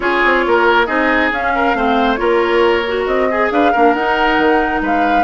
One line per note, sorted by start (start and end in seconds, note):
0.00 0.21 C#4
0.00 0.87 F4
0.00 0.45 G#4
0.00 0.85 C#5
0.24 0.46 C4
0.46 0.88 A#3
0.46 0.86 A#4
0.85 1.31 C4
0.85 1.30 D#4
0.85 1.52 G#4
0.85 1.29 D#5
1.31 1.74 C#4
1.31 1.75 C#4
1.31 2.15 F5
1.55 1.76 A#4
1.74 2.18 A3
1.74 2.17 C4
1.74 2.19 C5
2.15 3.06 A#3
2.15 2.82 F4
2.15 3.29 A#4
2.15 3.03 C#5
2.87 3.31 F#4
3.06 3.50 C4
3.06 3.50 D#5
3.30 3.52 G#4
3.30 3.74 G#4
3.50 3.72 D4
3.50 3.72 B4
3.50 3.93 F5
3.72 3.94 A#3
3.72 3.96 D4
3.72 4.81 A#4
3.93 4.38 D#4
3.93 5.23 D#4
3.93 4.81 F#5
4.38 4.81 D#3
4.81 5.23 G#3
4.81 5.23 B4
4.81 5.23 F5